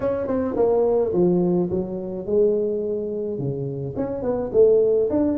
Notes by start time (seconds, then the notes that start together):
0.00 C#4
0.27 C4
0.56 A#3
1.13 F3
1.70 F#3
2.25 G#3
3.38 C#3
3.96 C#4
4.22 B3
4.52 A3
5.10 D4